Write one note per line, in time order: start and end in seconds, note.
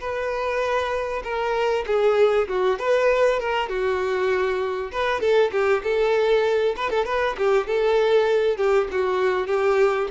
0.00 1.22 B4
1.24 1.85 A#4
1.86 2.48 G#4
2.48 2.79 F#4
2.79 3.40 B4
3.40 3.69 A#4
3.69 4.91 F#4
4.91 5.20 B4
5.20 5.51 A4
5.52 5.82 G4
5.83 6.75 A4
6.77 6.90 B4
6.90 7.05 A4
7.05 7.36 B4
7.37 7.67 G4
7.67 8.57 A4
8.57 8.87 G4
8.91 9.47 F#4
9.47 10.08 G4